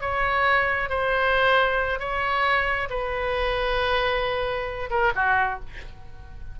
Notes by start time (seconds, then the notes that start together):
0.00 C#5
0.89 C5
1.99 C#5
2.89 B4
4.90 A#4
5.15 F#4